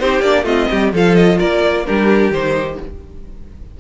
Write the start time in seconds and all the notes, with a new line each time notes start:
0.00 C4 D#4 G4 C5
0.21 A#3 D4 D5
0.44 A3 C4 F4 D#5
0.71 G3 G4
0.93 F3 F4 A4 F5
1.15 D#5
1.38 A#3 A#4 D5
1.86 G3 D4 G4 A#4
2.31 D#3 D#4 C5